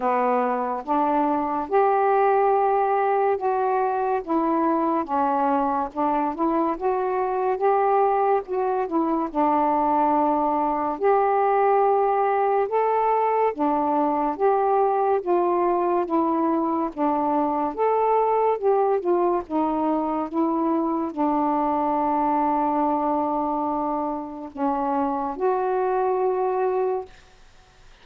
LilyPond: \new Staff \with { instrumentName = "saxophone" } { \time 4/4 \tempo 4 = 71 b4 d'4 g'2 | fis'4 e'4 cis'4 d'8 e'8 | fis'4 g'4 fis'8 e'8 d'4~ | d'4 g'2 a'4 |
d'4 g'4 f'4 e'4 | d'4 a'4 g'8 f'8 dis'4 | e'4 d'2.~ | d'4 cis'4 fis'2 | }